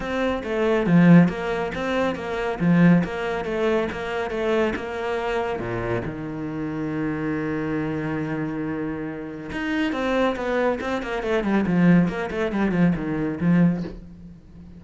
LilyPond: \new Staff \with { instrumentName = "cello" } { \time 4/4 \tempo 4 = 139 c'4 a4 f4 ais4 | c'4 ais4 f4 ais4 | a4 ais4 a4 ais4~ | ais4 ais,4 dis2~ |
dis1~ | dis2 dis'4 c'4 | b4 c'8 ais8 a8 g8 f4 | ais8 a8 g8 f8 dis4 f4 | }